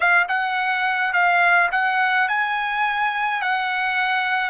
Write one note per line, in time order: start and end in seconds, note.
0.00 0.27 F5
0.28 1.13 F#5
1.13 1.69 F5
1.71 2.28 F#5
2.28 3.41 G#5
3.41 4.50 F#5